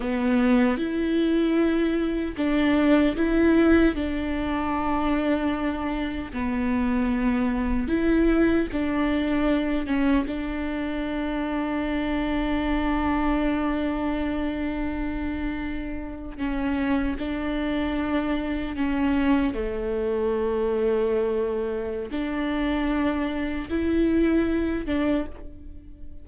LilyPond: \new Staff \with { instrumentName = "viola" } { \time 4/4 \tempo 4 = 76 b4 e'2 d'4 | e'4 d'2. | b2 e'4 d'4~ | d'8 cis'8 d'2.~ |
d'1~ | d'8. cis'4 d'2 cis'16~ | cis'8. a2.~ a16 | d'2 e'4. d'8 | }